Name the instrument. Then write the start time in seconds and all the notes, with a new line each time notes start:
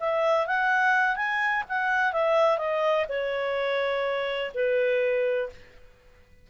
clarinet
0.00 E5
0.47 F#5
1.16 G#5
1.69 F#5
2.13 E5
2.58 D#5
3.09 C#5
4.54 B4